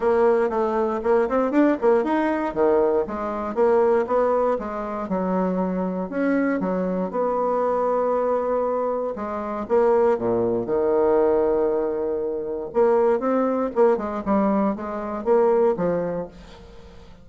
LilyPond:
\new Staff \with { instrumentName = "bassoon" } { \time 4/4 \tempo 4 = 118 ais4 a4 ais8 c'8 d'8 ais8 | dis'4 dis4 gis4 ais4 | b4 gis4 fis2 | cis'4 fis4 b2~ |
b2 gis4 ais4 | ais,4 dis2.~ | dis4 ais4 c'4 ais8 gis8 | g4 gis4 ais4 f4 | }